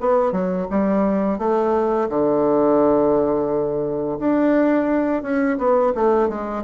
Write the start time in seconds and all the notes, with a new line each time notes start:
0.00 B3
0.32 F#3
0.70 G3
1.38 A3
2.09 D3
4.19 D4
5.22 C#4
5.58 B3
5.95 A3
6.29 G#3